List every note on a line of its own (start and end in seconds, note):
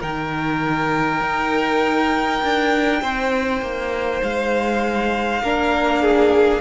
0.00 1.21 D#3
0.00 5.42 D#4
0.00 3.00 A#4
0.00 4.22 G5
1.21 2.41 D#4
2.43 3.02 D4
3.02 3.62 C4
3.02 5.42 C5
3.62 4.22 A#3
4.23 5.42 G#3
4.23 6.61 F5
5.42 6.61 A#3
5.42 6.61 D4
5.42 6.02 A#4
6.02 6.61 G#4